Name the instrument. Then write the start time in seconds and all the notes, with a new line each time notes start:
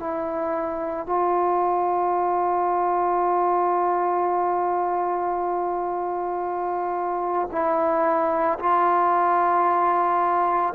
trombone
0.00 E4
1.07 F4
7.52 E4
8.60 F4